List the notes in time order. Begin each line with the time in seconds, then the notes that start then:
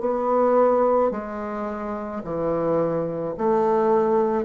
0.00 B3
1.11 G#3
2.24 E3
3.37 A3